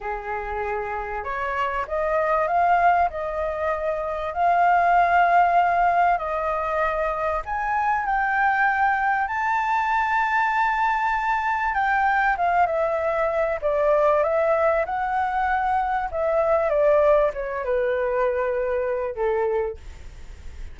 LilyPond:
\new Staff \with { instrumentName = "flute" } { \time 4/4 \tempo 4 = 97 gis'2 cis''4 dis''4 | f''4 dis''2 f''4~ | f''2 dis''2 | gis''4 g''2 a''4~ |
a''2. g''4 | f''8 e''4. d''4 e''4 | fis''2 e''4 d''4 | cis''8 b'2~ b'8 a'4 | }